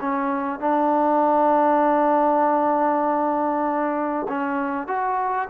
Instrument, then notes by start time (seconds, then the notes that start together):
trombone
0.00 C#4
0.59 D4
4.28 C#4
4.87 F#4